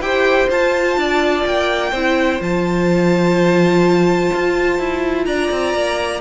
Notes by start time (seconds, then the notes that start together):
0.00 E4 G4 C5 G5
0.49 F4 A5
0.97 D4 D5
1.46 A#3 G5
1.91 C4 E4 C5
2.40 F3 F4 A5
4.34 F4
4.79 E4
5.26 D4 D5 A#5
5.51 C4
5.74 A#3